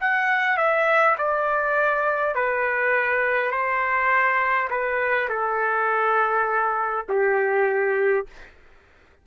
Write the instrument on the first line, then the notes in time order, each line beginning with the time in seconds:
trumpet
0.00 F#5
0.57 E5
1.18 D5
2.35 B4
3.51 C5
4.70 B4
5.29 A4
7.09 G4